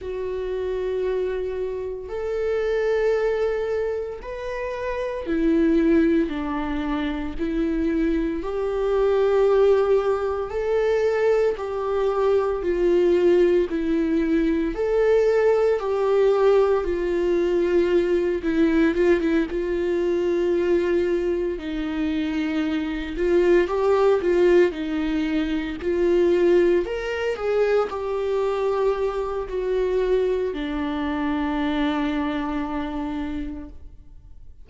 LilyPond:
\new Staff \with { instrumentName = "viola" } { \time 4/4 \tempo 4 = 57 fis'2 a'2 | b'4 e'4 d'4 e'4 | g'2 a'4 g'4 | f'4 e'4 a'4 g'4 |
f'4. e'8 f'16 e'16 f'4.~ | f'8 dis'4. f'8 g'8 f'8 dis'8~ | dis'8 f'4 ais'8 gis'8 g'4. | fis'4 d'2. | }